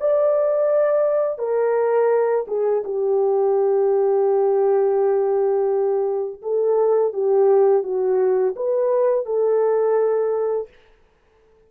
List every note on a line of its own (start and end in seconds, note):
0.00 1.39 D5
1.39 2.46 A#4
2.48 2.83 G#4
2.84 6.42 G4
6.42 7.13 A4
7.13 7.83 G4
7.83 8.55 F#4
8.56 9.26 B4
9.26 10.69 A4